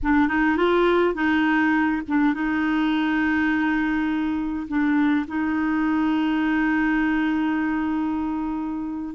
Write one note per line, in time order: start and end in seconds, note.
0.02 0.28 D4
0.28 0.57 D#4
0.57 1.14 F4
1.14 2.02 D#4
2.08 2.34 D4
2.34 4.67 D#4
4.68 5.26 D4
5.27 9.15 D#4